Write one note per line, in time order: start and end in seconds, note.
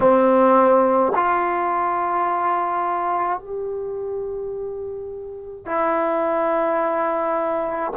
0.00 1.13 C4
1.15 3.39 F4
3.39 5.66 G4
5.66 7.92 E4